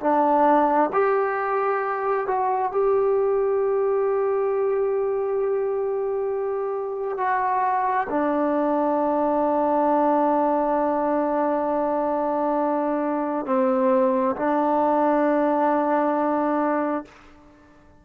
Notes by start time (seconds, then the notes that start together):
0.00 D4
0.92 G4
2.27 F#4
2.72 G4
7.17 F#4
8.10 D4
13.46 C4
14.36 D4